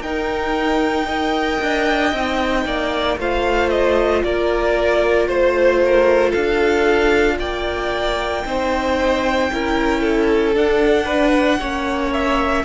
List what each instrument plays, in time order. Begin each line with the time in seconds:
0.00 cello D#4, viola D#4, violin A#4 G5
1.06 viola A#4, violin D#5
1.61 cello D4
2.12 cello C4, viola D#4
2.64 cello A#3, violin D5
3.17 cello A3, viola F4, violin C5 F5
3.69 violin D#5
4.23 cello A#3, violin A#4 D5
5.27 cello A3, violin C5
5.85 violin A#4
6.30 cello D4, violin A4 F5
7.38 cello A#3, violin D5 G5
8.44 cello C4, viola D#4, violin C5
9.51 cello C#4, viola E4, violin A#4
10.00 violin A4
10.54 viola D4, cello D4, violin F#5
11.04 violin B4
11.59 cello A#3, viola C#4, violin C#5
12.12 violin E5